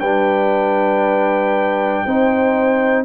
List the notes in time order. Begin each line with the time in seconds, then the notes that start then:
0.00 G3 D4 B4 G5
2.06 C4 D#4 C5